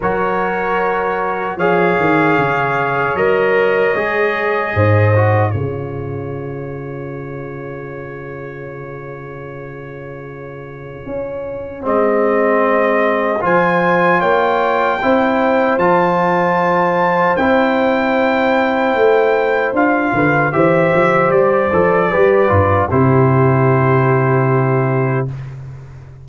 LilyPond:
<<
  \new Staff \with { instrumentName = "trumpet" } { \time 4/4 \tempo 4 = 76 cis''2 f''2 | dis''2. cis''4~ | cis''1~ | cis''2. dis''4~ |
dis''4 gis''4 g''2 | a''2 g''2~ | g''4 f''4 e''4 d''4~ | d''4 c''2. | }
  \new Staff \with { instrumentName = "horn" } { \time 4/4 ais'2 cis''2~ | cis''2 c''4 gis'4~ | gis'1~ | gis'1~ |
gis'4 c''4 cis''4 c''4~ | c''1~ | c''4. b'8 c''2 | b'4 g'2. | }
  \new Staff \with { instrumentName = "trombone" } { \time 4/4 fis'2 gis'2 | ais'4 gis'4. fis'8 f'4~ | f'1~ | f'2. c'4~ |
c'4 f'2 e'4 | f'2 e'2~ | e'4 f'4 g'4. a'8 | g'8 f'8 e'2. | }
  \new Staff \with { instrumentName = "tuba" } { \time 4/4 fis2 f8 dis8 cis4 | fis4 gis4 gis,4 cis4~ | cis1~ | cis2 cis'4 gis4~ |
gis4 f4 ais4 c'4 | f2 c'2 | a4 d'8 d8 e8 f8 g8 f8 | g8 g,8 c2. | }
>>